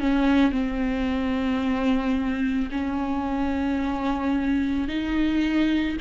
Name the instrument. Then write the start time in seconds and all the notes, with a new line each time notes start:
viola
0.00 C#4
0.52 C4
2.71 C#4
4.88 D#4